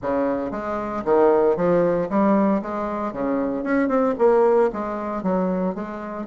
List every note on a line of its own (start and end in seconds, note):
0.02 0.51 C#3
0.51 1.03 G#3
1.04 1.56 D#3
1.56 2.08 F3
2.09 2.61 G3
2.62 3.12 G#3
3.12 3.63 C#3
3.63 3.88 C#4
3.88 4.14 C4
4.18 4.70 A#3
4.72 5.22 G#3
5.22 5.74 F#3
5.75 6.26 G#3